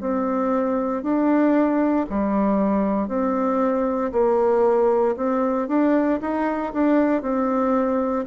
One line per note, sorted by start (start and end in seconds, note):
0.00 1.03 C4
1.03 2.06 D4
2.09 3.08 G3
3.08 4.11 C4
4.12 5.15 A#3
5.16 5.68 C4
5.68 6.20 D4
6.21 6.73 D#4
6.73 7.22 D4
7.22 8.25 C4